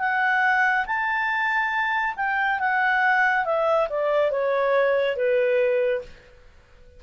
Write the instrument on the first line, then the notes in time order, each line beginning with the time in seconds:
clarinet
0.00 F#5
0.86 A5
2.17 G5
2.60 F#5
3.46 E5
3.90 D5
4.32 C#5
5.17 B4